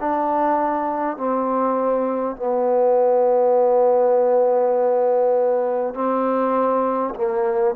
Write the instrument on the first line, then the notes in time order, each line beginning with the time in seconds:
trombone
0.00 D4
1.17 C4
2.36 B3
5.94 C4
7.15 A#3